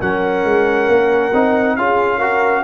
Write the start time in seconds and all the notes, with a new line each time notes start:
0.00 F#3 C#4 A#4 F#5
0.44 G#3
0.89 A#3
1.33 C4 D#4
1.77 C#4 F4 G#4 F5
2.18 F#4 A#4